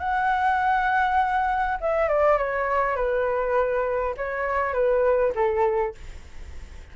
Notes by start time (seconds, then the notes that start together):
0.00 F#5
1.81 E5
2.09 D5
2.38 C#5
2.96 B4
4.17 C#5
4.74 B4
5.35 A4